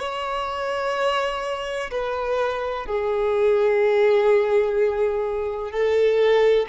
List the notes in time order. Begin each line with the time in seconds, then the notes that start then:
0.00 C#5
1.91 B4
2.86 G#4
5.71 A4